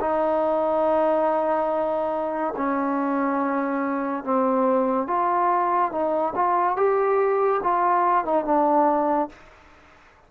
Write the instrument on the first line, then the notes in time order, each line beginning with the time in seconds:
trombone
0.00 D#4
2.56 C#4
4.24 C4
5.07 F4
5.91 D#4
6.35 F4
6.76 G4
7.63 F4
8.25 D#4
8.45 D4